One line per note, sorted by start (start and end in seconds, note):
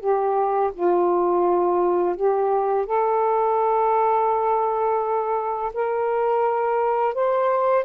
0.00 0.71 G4
0.73 2.16 F4
2.16 2.86 G4
2.86 5.72 A4
5.73 7.14 A#4
7.14 7.84 C5